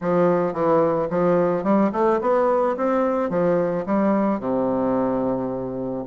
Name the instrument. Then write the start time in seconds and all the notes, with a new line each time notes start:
bassoon
0.01 F3
0.53 E3
1.10 F3
1.63 G3
1.92 A3
2.21 B3
2.76 C4
3.29 F3
3.86 G3
4.39 C3